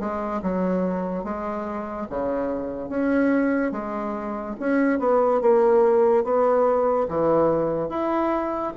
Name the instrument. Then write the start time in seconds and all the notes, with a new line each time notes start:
bassoon
0.00 G#3
0.43 F#3
1.24 G#3
2.10 C#3
2.90 C#4
3.72 G#3
4.60 C#4
5.00 B3
5.42 A#3
6.24 B3
7.09 E3
7.90 E4